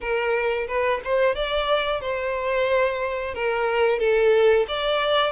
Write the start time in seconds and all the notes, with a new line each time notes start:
0.00 A#4
0.67 B4
1.04 C5
1.35 D5
2.01 C5
3.34 A#4
3.99 A4
4.68 D5